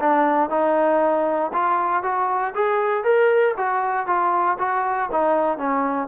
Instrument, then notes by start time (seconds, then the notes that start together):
trombone
0.00 D4
0.50 D#4
1.54 F4
2.03 F#4
2.55 G#4
3.04 A#4
3.58 F#4
4.07 F4
4.59 F#4
5.12 D#4
5.58 C#4